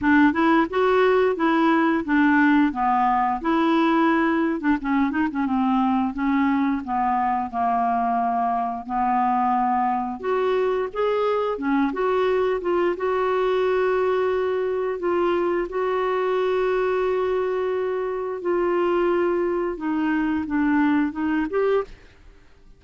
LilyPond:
\new Staff \with { instrumentName = "clarinet" } { \time 4/4 \tempo 4 = 88 d'8 e'8 fis'4 e'4 d'4 | b4 e'4.~ e'16 d'16 cis'8 dis'16 cis'16 | c'4 cis'4 b4 ais4~ | ais4 b2 fis'4 |
gis'4 cis'8 fis'4 f'8 fis'4~ | fis'2 f'4 fis'4~ | fis'2. f'4~ | f'4 dis'4 d'4 dis'8 g'8 | }